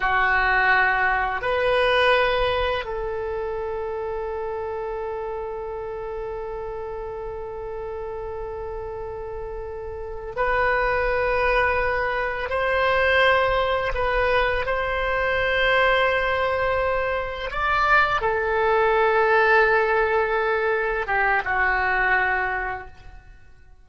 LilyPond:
\new Staff \with { instrumentName = "oboe" } { \time 4/4 \tempo 4 = 84 fis'2 b'2 | a'1~ | a'1~ | a'2~ a'8 b'4.~ |
b'4. c''2 b'8~ | b'8 c''2.~ c''8~ | c''8 d''4 a'2~ a'8~ | a'4. g'8 fis'2 | }